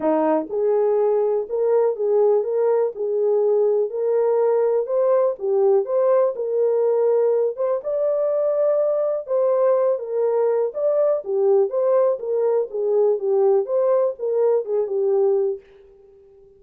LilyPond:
\new Staff \with { instrumentName = "horn" } { \time 4/4 \tempo 4 = 123 dis'4 gis'2 ais'4 | gis'4 ais'4 gis'2 | ais'2 c''4 g'4 | c''4 ais'2~ ais'8 c''8 |
d''2. c''4~ | c''8 ais'4. d''4 g'4 | c''4 ais'4 gis'4 g'4 | c''4 ais'4 gis'8 g'4. | }